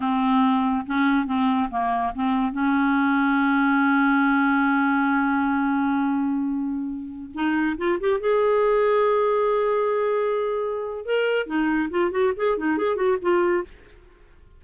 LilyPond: \new Staff \with { instrumentName = "clarinet" } { \time 4/4 \tempo 4 = 141 c'2 cis'4 c'4 | ais4 c'4 cis'2~ | cis'1~ | cis'1~ |
cis'4~ cis'16 dis'4 f'8 g'8 gis'8.~ | gis'1~ | gis'2 ais'4 dis'4 | f'8 fis'8 gis'8 dis'8 gis'8 fis'8 f'4 | }